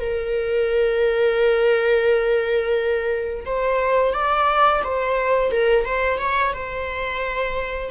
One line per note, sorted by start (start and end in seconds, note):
0.00 3.45 A#4
3.45 4.13 C5
4.13 4.82 D5
4.84 5.52 C5
5.52 5.85 A#4
5.85 6.19 C5
6.19 6.54 C#5
6.54 7.91 C5